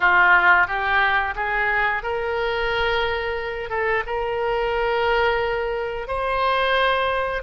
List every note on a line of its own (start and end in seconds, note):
0.00 0.67 F4
0.67 1.34 G4
1.35 2.02 G#4
2.02 3.69 A#4
3.69 4.03 A4
4.06 6.07 A#4
6.07 7.42 C5